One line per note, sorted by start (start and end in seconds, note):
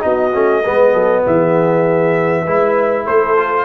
0.00 0.34 B3
0.00 0.30 D#4
0.00 0.62 F#4
0.00 1.23 D#5
0.33 0.65 A3
0.33 0.63 C#4
0.62 0.93 G#3
0.62 2.46 B3
0.62 0.92 B4
0.92 1.23 F#3
0.92 1.22 A4
1.26 2.47 E3
1.26 2.43 G#4
1.26 3.06 E5
2.43 3.06 G#3
2.43 3.36 E4
2.43 3.04 B4
3.05 3.64 A3
3.05 3.64 A4
3.05 3.64 C5
3.36 3.64 F4